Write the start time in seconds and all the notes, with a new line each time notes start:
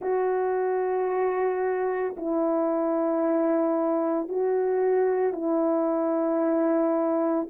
0.00 F#4
2.17 E4
4.28 F#4
5.33 E4